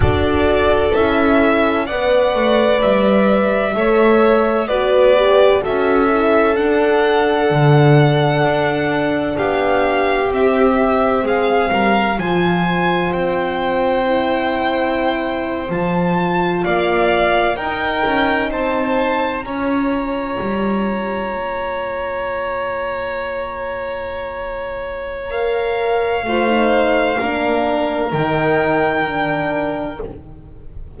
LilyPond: <<
  \new Staff \with { instrumentName = "violin" } { \time 4/4 \tempo 4 = 64 d''4 e''4 fis''4 e''4~ | e''4 d''4 e''4 fis''4~ | fis''2 f''4 e''4 | f''4 gis''4 g''2~ |
g''8. a''4 f''4 g''4 a''16~ | a''8. ais''2.~ ais''16~ | ais''2. f''4~ | f''2 g''2 | }
  \new Staff \with { instrumentName = "violin" } { \time 4/4 a'2 d''2 | cis''4 b'4 a'2~ | a'2 g'2 | gis'8 ais'8 c''2.~ |
c''4.~ c''16 d''4 ais'4 c''16~ | c''8. cis''2.~ cis''16~ | cis''1 | c''4 ais'2. | }
  \new Staff \with { instrumentName = "horn" } { \time 4/4 fis'4 e'4 b'2 | a'4 fis'8 g'8 fis'8 e'8 d'4~ | d'2. c'4~ | c'4 f'2 e'4~ |
e'8. f'2 dis'4~ dis'16~ | dis'8. f'2.~ f'16~ | f'2. ais'4 | f'16 dis'8. d'4 dis'4 d'4 | }
  \new Staff \with { instrumentName = "double bass" } { \time 4/4 d'4 cis'4 b8 a8 g4 | a4 b4 cis'4 d'4 | d4 d'4 b4 c'4 | gis8 g8 f4 c'2~ |
c'8. f4 ais4 dis'8 cis'8 c'16~ | c'8. cis'4 g4 ais4~ ais16~ | ais1 | a4 ais4 dis2 | }
>>